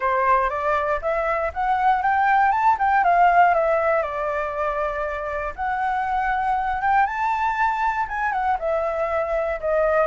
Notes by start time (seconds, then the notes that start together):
0.00 C5
0.49 D5
1.01 E5
1.53 F#5
2.02 G5
2.51 A5
2.78 G5
3.04 F5
3.54 E5
4.02 D5
5.55 F#5
6.81 G5
7.05 A5
8.08 G#5
8.32 F#5
8.59 E5
9.60 D#5